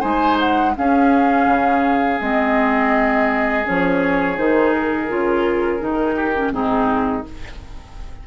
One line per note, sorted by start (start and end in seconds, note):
0.00 0.76 G#3
0.00 0.73 D#4
0.00 0.72 C5
0.00 0.37 G#5
0.39 0.75 F#5
0.77 2.20 C#4
0.77 1.47 C#4
0.77 6.15 G#4
0.77 2.21 F5
1.47 2.19 C#3
2.20 3.65 G#3
2.20 3.64 C4
2.20 3.66 D#5
3.64 4.38 F3
3.64 4.36 C#4
3.64 4.38 C#5
4.37 5.10 D#3
4.37 5.08 D#4
4.37 4.73 C5
4.73 6.53 A#4
5.08 5.81 C#3
5.08 5.80 F4
5.80 6.52 D#3
5.80 6.34 D#4
6.15 6.52 G4
6.36 6.52 C#4
6.52 7.25 G#2
6.52 7.24 C4
6.52 7.27 D#4
6.52 7.25 G#4